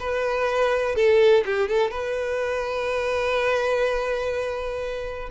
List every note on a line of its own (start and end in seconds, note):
0.00 0.95 B4
0.95 1.44 A4
1.45 1.68 G4
1.68 1.90 A4
1.90 5.29 B4